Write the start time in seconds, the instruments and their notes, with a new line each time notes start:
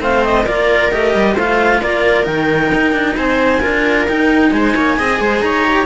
0.00 cello A3 C4, viola C5, clarinet F5
0.23 clarinet D#5
0.43 cello A#3 F4, viola A#4, clarinet D5
0.91 cello A3 G4, clarinet D#5
1.14 cello G3
1.33 cello A3 F4, viola C5, clarinet F5
1.81 cello A#3, viola A#4, clarinet D5
2.23 cello D#3 D#4, clarinet G5
2.73 cello D#4
2.92 cello D4
3.16 cello C4, viola C5, clarinet G#5
3.60 cello D4 F4, viola A#4
4.07 cello D#4, clarinet G5
4.51 cello G#3, viola C5, clarinet G#5
4.75 cello A#3, viola C#5
4.97 cello C4 G#4, viola D#5
5.20 cello G#3, viola C5
5.40 cello D#4, viola C#5, clarinet A#5
5.64 cello G4